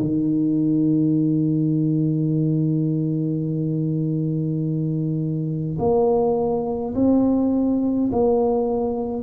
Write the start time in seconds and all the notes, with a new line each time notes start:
0.00 D#3
5.78 A#3
6.94 C4
8.12 A#3